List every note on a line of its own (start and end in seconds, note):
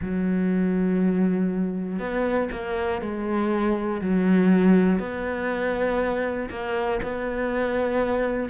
0.01 1.99 F#3
1.99 2.49 B3
2.51 3.01 A#3
3.01 4.01 G#3
4.01 4.99 F#3
4.99 6.49 B3
6.50 7.00 A#3
7.03 8.50 B3